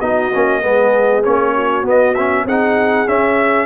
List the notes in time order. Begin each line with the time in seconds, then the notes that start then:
0.00 B3 D#4 F#4 D#5
0.34 A#3 C#4
0.61 G#3 B3 G#4
1.23 A#3 C#4 C#5
1.53 F#4
1.83 B3 D#5
2.14 C#4 E5
2.45 C4 D#4 G#4 F#5
3.07 C#4 E5